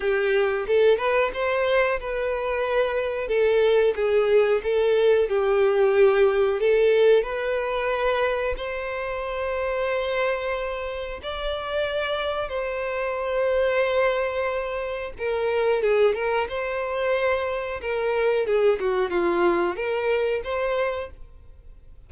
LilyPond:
\new Staff \with { instrumentName = "violin" } { \time 4/4 \tempo 4 = 91 g'4 a'8 b'8 c''4 b'4~ | b'4 a'4 gis'4 a'4 | g'2 a'4 b'4~ | b'4 c''2.~ |
c''4 d''2 c''4~ | c''2. ais'4 | gis'8 ais'8 c''2 ais'4 | gis'8 fis'8 f'4 ais'4 c''4 | }